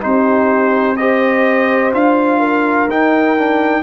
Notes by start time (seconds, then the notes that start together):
0.00 C4 D#4 G4 C5
0.96 G4 C5 D#5
1.93 D4 F4 F5
2.39 A#4
2.88 D#4 G5
3.37 D4